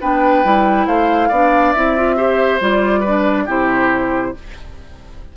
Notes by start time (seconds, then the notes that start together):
0.00 B3 D4 B4 G5
0.44 G3 E4
0.86 A3 C5 F5
1.28 B3 D4 D5
1.72 C4 E4 E5
1.97 F4
2.16 G4 C5
2.60 G3 F4 D5
3.00 B4
3.06 D4
3.45 C3 E4 G4 C5